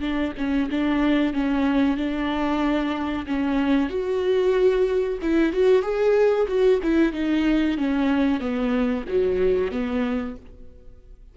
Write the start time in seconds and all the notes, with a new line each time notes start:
0.00 D4
0.37 C#4
0.70 D4
1.33 C#4
1.96 D4
3.26 C#4
3.89 F#4
5.21 E4
5.52 F#4
5.82 G#4
6.47 F#4
6.82 E4
7.12 D#4
7.77 C#4
8.40 B3
9.08 F#3
9.71 B3